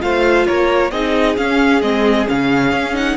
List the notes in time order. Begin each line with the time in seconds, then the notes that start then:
0.00 A3 F4 C5 F5
0.46 A#3 A#4 C#5
0.91 C4 D#4 G#4 D#5
1.37 C#4 F5
1.81 G#3 C4 D#5
2.27 C#3 C#4 F5
2.72 C#4
2.94 D#4 F#5